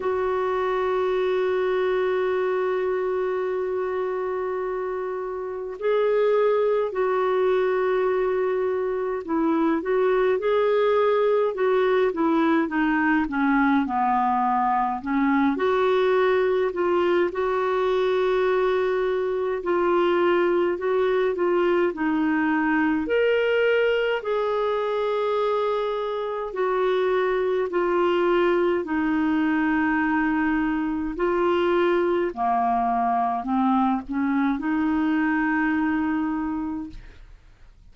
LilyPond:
\new Staff \with { instrumentName = "clarinet" } { \time 4/4 \tempo 4 = 52 fis'1~ | fis'4 gis'4 fis'2 | e'8 fis'8 gis'4 fis'8 e'8 dis'8 cis'8 | b4 cis'8 fis'4 f'8 fis'4~ |
fis'4 f'4 fis'8 f'8 dis'4 | ais'4 gis'2 fis'4 | f'4 dis'2 f'4 | ais4 c'8 cis'8 dis'2 | }